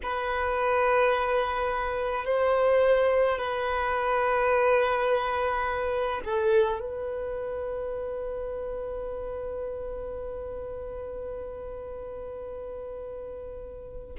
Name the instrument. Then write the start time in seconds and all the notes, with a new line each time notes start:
violin
0.03 B4
2.24 C5
3.38 B4
6.24 A4
6.79 B4